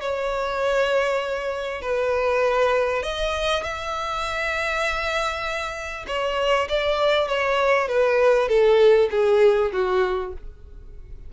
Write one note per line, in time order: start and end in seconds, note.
0.00 1.81 C#5
1.81 3.02 B4
3.02 3.63 D#5
3.63 6.05 E5
6.07 6.67 C#5
6.68 7.28 D5
7.28 7.88 C#5
7.88 8.48 B4
8.48 9.09 A4
9.10 9.71 G#4
9.72 10.33 F#4